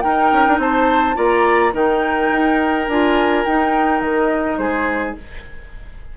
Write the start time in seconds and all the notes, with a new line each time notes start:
0.00 D#4 A#4 G5
0.32 C#4
0.47 D4
0.58 C4 C5 A5
1.15 A#3 F4 D5 A#5
1.72 D#3 D#4 A#4 G5
2.31 D#4
2.88 D4 F4 G#5
3.45 D#4 G5
4.00 D#3 D#5
4.57 G#3 G#4 C5